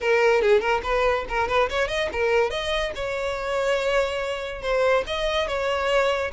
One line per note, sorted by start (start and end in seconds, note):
0.01 0.41 A#4
0.41 0.60 G#4
0.60 0.81 A#4
0.83 1.25 B4
1.29 1.48 A#4
1.48 1.69 B4
1.69 1.88 C#5
1.88 2.09 D#5
2.12 2.50 A#4
2.50 2.92 D#5
2.95 4.62 C#5
4.62 5.03 C5
5.06 5.47 D#5
5.47 6.31 C#5